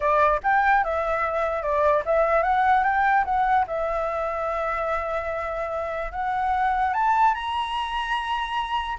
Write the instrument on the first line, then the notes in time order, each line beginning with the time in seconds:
flute
0.00 D5
0.43 G5
0.84 E5
1.62 D5
2.05 E5
2.42 F#5
2.83 G5
3.24 F#5
3.67 E5
6.12 F#5
6.93 A5
7.34 A#5